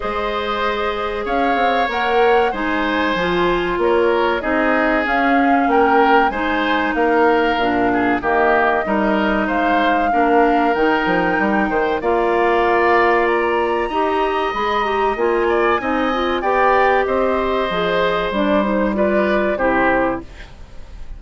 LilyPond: <<
  \new Staff \with { instrumentName = "flute" } { \time 4/4 \tempo 4 = 95 dis''2 f''4 fis''4 | gis''2 cis''4 dis''4 | f''4 g''4 gis''4 f''4~ | f''4 dis''2 f''4~ |
f''4 g''2 f''4~ | f''4 ais''2 b''8 ais''8 | gis''2 g''4 dis''4~ | dis''4 d''8 c''8 d''4 c''4 | }
  \new Staff \with { instrumentName = "oboe" } { \time 4/4 c''2 cis''2 | c''2 ais'4 gis'4~ | gis'4 ais'4 c''4 ais'4~ | ais'8 gis'8 g'4 ais'4 c''4 |
ais'2~ ais'8 c''8 d''4~ | d''2 dis''2~ | dis''8 d''8 dis''4 d''4 c''4~ | c''2 b'4 g'4 | }
  \new Staff \with { instrumentName = "clarinet" } { \time 4/4 gis'2. ais'4 | dis'4 f'2 dis'4 | cis'2 dis'2 | d'4 ais4 dis'2 |
d'4 dis'2 f'4~ | f'2 g'4 gis'8 g'8 | f'4 dis'8 f'8 g'2 | gis'4 d'8 dis'8 f'4 e'4 | }
  \new Staff \with { instrumentName = "bassoon" } { \time 4/4 gis2 cis'8 c'8 ais4 | gis4 f4 ais4 c'4 | cis'4 ais4 gis4 ais4 | ais,4 dis4 g4 gis4 |
ais4 dis8 f8 g8 dis8 ais4~ | ais2 dis'4 gis4 | ais4 c'4 b4 c'4 | f4 g2 c4 | }
>>